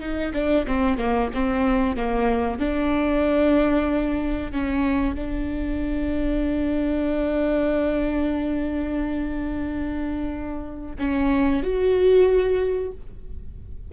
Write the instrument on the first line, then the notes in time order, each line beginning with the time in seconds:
viola
0.00 D#4
0.34 D4
0.67 C4
0.98 A#3
1.34 C4
1.96 A#3
2.60 D4
4.52 C#4
5.15 D4
10.99 C#4
11.63 F#4